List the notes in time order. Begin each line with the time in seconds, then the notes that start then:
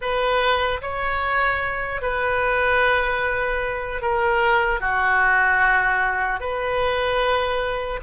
0.01 B4
0.81 C#5
2.01 B4
4.01 A#4
4.80 F#4
6.40 B4